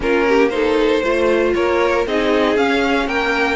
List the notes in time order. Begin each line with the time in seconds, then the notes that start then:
0.00 A#3 C#4 F4 A#4
0.28 G4
0.49 D#4 A4 C5
1.02 A3 F4 C5
1.53 A#3 A#4 C#5
2.06 C4 D#4 G#4 D#5
2.56 C#4 F5
3.07 A#3 A#4 G5